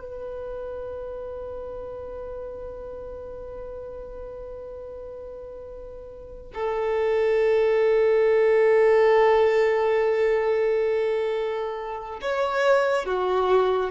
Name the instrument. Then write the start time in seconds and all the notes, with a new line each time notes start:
violin
0.00 B4
6.55 A4
12.21 C#5
13.06 F#4